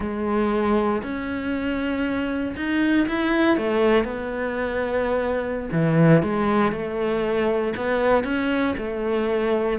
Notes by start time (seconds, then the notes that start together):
0.00 G#3
1.02 C#4
2.56 D#4
3.08 E4
3.57 A3
4.04 B3
5.72 E3
6.23 G#3
6.72 A3
7.76 B3
8.24 C#4
8.77 A3